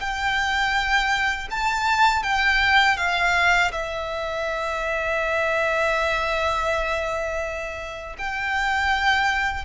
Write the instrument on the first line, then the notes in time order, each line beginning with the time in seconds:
violin
0.00 G5
1.51 A5
2.23 G5
2.97 F5
3.72 E5
8.18 G5